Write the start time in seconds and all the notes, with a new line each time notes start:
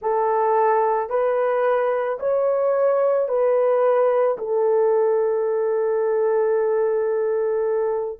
0.01 A4
1.09 B4
2.19 C#5
3.28 B4
4.37 A4